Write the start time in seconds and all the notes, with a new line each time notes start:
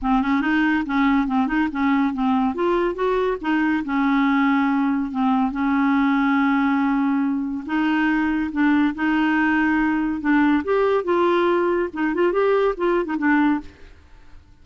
0.01 C4
0.21 C#4
0.41 D#4
0.86 C#4
1.27 C4
1.47 D#4
1.71 C#4
2.13 C4
2.54 F4
2.94 F#4
3.41 D#4
3.85 C#4
5.11 C4
5.51 C#4
7.65 D#4
8.52 D4
8.94 D#4
10.20 D4
10.64 G4
11.04 F4
11.93 D#4
12.14 F4
12.32 G4
12.77 F4
13.05 D#4
13.18 D4